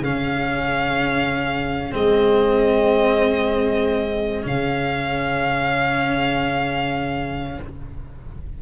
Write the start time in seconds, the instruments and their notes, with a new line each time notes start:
0.00 tuba C#3, cello C#4, viola G#4, violin F5
1.92 tuba G#3, cello C4, violin D#5
4.43 tuba C#3, cello C#4, violin F5